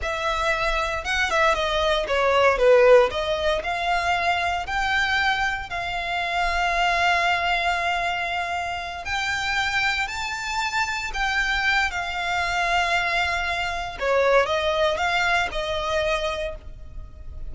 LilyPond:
\new Staff \with { instrumentName = "violin" } { \time 4/4 \tempo 4 = 116 e''2 fis''8 e''8 dis''4 | cis''4 b'4 dis''4 f''4~ | f''4 g''2 f''4~ | f''1~ |
f''4. g''2 a''8~ | a''4. g''4. f''4~ | f''2. cis''4 | dis''4 f''4 dis''2 | }